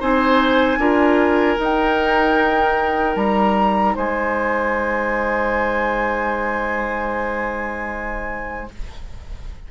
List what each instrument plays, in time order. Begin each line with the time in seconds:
0.00 bassoon C4, clarinet D#4, oboe C5, flute G#5
0.78 bassoon D4, clarinet F4, oboe A#4
1.58 clarinet D#4, bassoon D#4, flute G5
3.16 bassoon G3, flute A#5
3.95 bassoon G#3, oboe C5, flute G#5